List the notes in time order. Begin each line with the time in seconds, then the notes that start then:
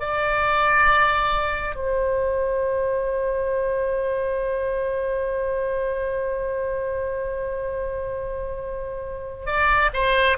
0.00 D5
1.76 C5
9.47 D5
9.94 C5